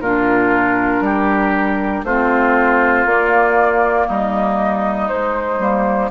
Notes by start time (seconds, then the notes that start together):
0.00 A#2 D4 F4 A#4
1.00 G3 G4
2.03 A3 C4 F4 C5
3.05 A#3 D5
4.07 G3 D#4 D#5
5.08 G#3 C5
5.59 G3 A#3